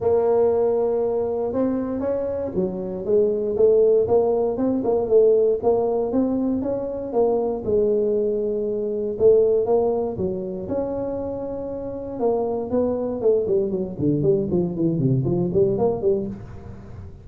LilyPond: \new Staff \with { instrumentName = "tuba" } { \time 4/4 \tempo 4 = 118 ais2. c'4 | cis'4 fis4 gis4 a4 | ais4 c'8 ais8 a4 ais4 | c'4 cis'4 ais4 gis4~ |
gis2 a4 ais4 | fis4 cis'2. | ais4 b4 a8 g8 fis8 d8 | g8 f8 e8 c8 f8 g8 ais8 g8 | }